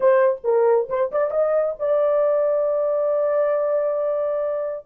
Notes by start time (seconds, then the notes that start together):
0.00 C5
0.44 A#4
0.89 C5
1.11 D5
1.30 D#5
1.79 D5